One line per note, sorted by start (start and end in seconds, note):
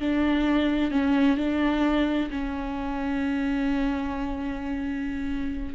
0.00 0.91 D4
0.91 1.37 C#4
1.37 2.30 D4
2.31 5.75 C#4